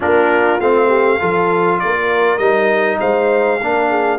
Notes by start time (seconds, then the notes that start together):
0.00 A#3 D4 F4 A#4
0.60 A3 C4 F5
0.87 G4
1.19 F3 F4 A4
1.79 A#3 A#4 D5
2.38 G3 D#4 D#5
2.99 G#3 C5 F5
3.60 A#3 D4 A#4
3.89 G#4